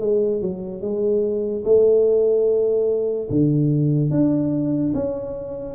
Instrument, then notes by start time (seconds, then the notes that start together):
tuba
0.00 G#3
0.41 F#3
0.81 G#3
1.64 A3
3.30 D3
4.11 D4
4.94 C#4